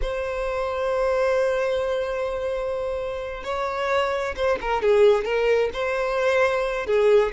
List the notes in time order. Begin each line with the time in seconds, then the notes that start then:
0.01 C5
3.43 C#5
4.36 C5
4.61 A#4
4.82 G#4
5.24 A#4
5.73 C5
6.86 G#4